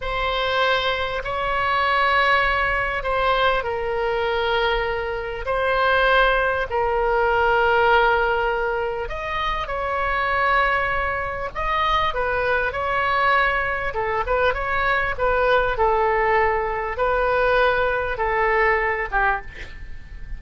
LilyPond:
\new Staff \with { instrumentName = "oboe" } { \time 4/4 \tempo 4 = 99 c''2 cis''2~ | cis''4 c''4 ais'2~ | ais'4 c''2 ais'4~ | ais'2. dis''4 |
cis''2. dis''4 | b'4 cis''2 a'8 b'8 | cis''4 b'4 a'2 | b'2 a'4. g'8 | }